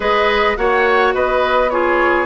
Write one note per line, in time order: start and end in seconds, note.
0.00 0.55 G#3
0.00 0.56 G#4
0.00 0.56 B4
0.00 0.56 D#5
0.56 1.14 A#3
0.56 1.69 F#4
0.56 1.14 C#5
0.56 1.13 F#5
1.14 2.26 B3
1.14 1.71 B4
1.14 1.70 D#5
1.70 2.26 F4
1.70 2.26 G#4
1.70 2.26 C#5